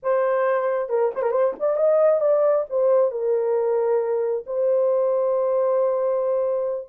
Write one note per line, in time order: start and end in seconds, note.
0.02 0.89 C5
0.89 1.11 A#4
1.14 1.22 C5
1.22 1.31 A#4
1.31 1.53 C5
1.59 1.76 D5
1.76 2.20 D#5
2.20 2.65 D5
2.69 3.11 C5
3.11 4.44 A#4
4.46 6.88 C5